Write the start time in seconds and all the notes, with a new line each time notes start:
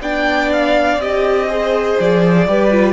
0.00 B3 D4 D5 G5
0.52 F5
0.96 C4 G4 D#5
1.48 G#4 C5
2.00 F3 D5
2.47 G3 G4 B4
2.71 F4